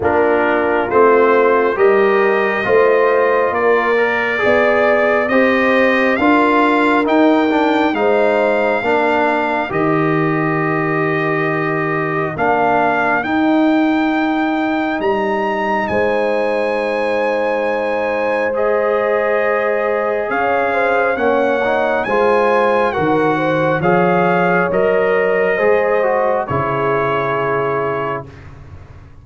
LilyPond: <<
  \new Staff \with { instrumentName = "trumpet" } { \time 4/4 \tempo 4 = 68 ais'4 c''4 dis''2 | d''2 dis''4 f''4 | g''4 f''2 dis''4~ | dis''2 f''4 g''4~ |
g''4 ais''4 gis''2~ | gis''4 dis''2 f''4 | fis''4 gis''4 fis''4 f''4 | dis''2 cis''2 | }
  \new Staff \with { instrumentName = "horn" } { \time 4/4 f'2 ais'4 c''4 | ais'4 d''4 c''4 ais'4~ | ais'4 c''4 ais'2~ | ais'1~ |
ais'2 c''2~ | c''2. cis''8 c''8 | cis''4 c''4 ais'8 c''8 cis''4~ | cis''4 c''4 gis'2 | }
  \new Staff \with { instrumentName = "trombone" } { \time 4/4 d'4 c'4 g'4 f'4~ | f'8 ais'8 gis'4 g'4 f'4 | dis'8 d'8 dis'4 d'4 g'4~ | g'2 d'4 dis'4~ |
dis'1~ | dis'4 gis'2. | cis'8 dis'8 f'4 fis'4 gis'4 | ais'4 gis'8 fis'8 e'2 | }
  \new Staff \with { instrumentName = "tuba" } { \time 4/4 ais4 a4 g4 a4 | ais4 b4 c'4 d'4 | dis'4 gis4 ais4 dis4~ | dis2 ais4 dis'4~ |
dis'4 g4 gis2~ | gis2. cis'4 | ais4 gis4 dis4 f4 | fis4 gis4 cis2 | }
>>